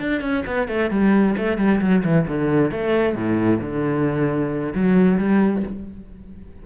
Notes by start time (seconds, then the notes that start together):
0.00 D4
0.22 C#4
0.47 B3
0.69 A3
0.91 G3
1.38 A3
1.58 G3
1.81 F#3
2.05 E3
2.28 D3
2.71 A3
3.16 A2
3.62 D3
4.75 F#3
5.19 G3